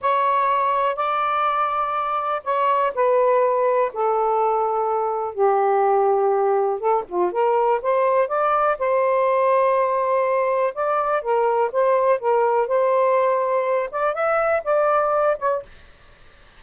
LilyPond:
\new Staff \with { instrumentName = "saxophone" } { \time 4/4 \tempo 4 = 123 cis''2 d''2~ | d''4 cis''4 b'2 | a'2. g'4~ | g'2 a'8 f'8 ais'4 |
c''4 d''4 c''2~ | c''2 d''4 ais'4 | c''4 ais'4 c''2~ | c''8 d''8 e''4 d''4. cis''8 | }